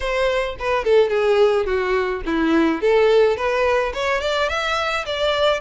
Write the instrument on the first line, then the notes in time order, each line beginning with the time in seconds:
violin
0.00 C5
0.59 B4
0.84 A4
1.09 G#4
1.65 F#4
2.25 E4
2.81 A4
3.36 B4
3.93 C#5
4.21 D5
4.49 E5
5.05 D5